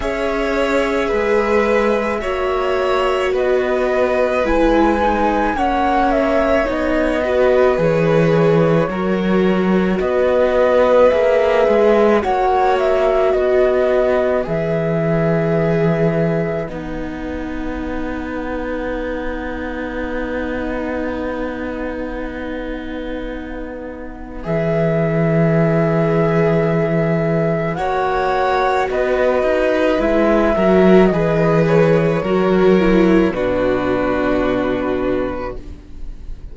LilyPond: <<
  \new Staff \with { instrumentName = "flute" } { \time 4/4 \tempo 4 = 54 e''2. dis''4 | gis''4 fis''8 e''8 dis''4 cis''4~ | cis''4 dis''4 e''4 fis''8 e''8 | dis''4 e''2 fis''4~ |
fis''1~ | fis''2 e''2~ | e''4 fis''4 dis''4 e''4 | dis''8 cis''4. b'2 | }
  \new Staff \with { instrumentName = "violin" } { \time 4/4 cis''4 b'4 cis''4 b'4~ | b'4 cis''4. b'4. | ais'4 b'2 cis''4 | b'1~ |
b'1~ | b'1~ | b'4 cis''4 b'4. ais'8 | b'4 ais'4 fis'2 | }
  \new Staff \with { instrumentName = "viola" } { \time 4/4 gis'2 fis'2 | e'8 dis'8 cis'4 dis'8 fis'8 gis'4 | fis'2 gis'4 fis'4~ | fis'4 gis'2 dis'4~ |
dis'1~ | dis'2 gis'2~ | gis'4 fis'2 e'8 fis'8 | gis'4 fis'8 e'8 d'2 | }
  \new Staff \with { instrumentName = "cello" } { \time 4/4 cis'4 gis4 ais4 b4 | gis4 ais4 b4 e4 | fis4 b4 ais8 gis8 ais4 | b4 e2 b4~ |
b1~ | b2 e2~ | e4 ais4 b8 dis'8 gis8 fis8 | e4 fis4 b,2 | }
>>